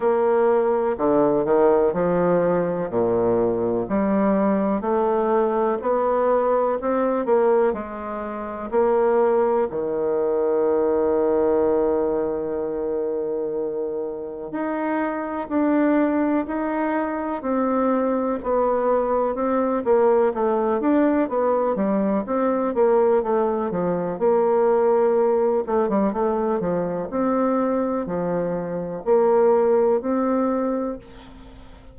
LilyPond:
\new Staff \with { instrumentName = "bassoon" } { \time 4/4 \tempo 4 = 62 ais4 d8 dis8 f4 ais,4 | g4 a4 b4 c'8 ais8 | gis4 ais4 dis2~ | dis2. dis'4 |
d'4 dis'4 c'4 b4 | c'8 ais8 a8 d'8 b8 g8 c'8 ais8 | a8 f8 ais4. a16 g16 a8 f8 | c'4 f4 ais4 c'4 | }